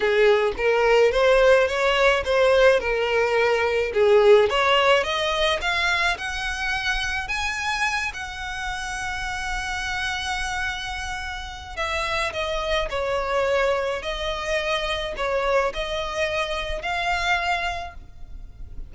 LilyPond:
\new Staff \with { instrumentName = "violin" } { \time 4/4 \tempo 4 = 107 gis'4 ais'4 c''4 cis''4 | c''4 ais'2 gis'4 | cis''4 dis''4 f''4 fis''4~ | fis''4 gis''4. fis''4.~ |
fis''1~ | fis''4 e''4 dis''4 cis''4~ | cis''4 dis''2 cis''4 | dis''2 f''2 | }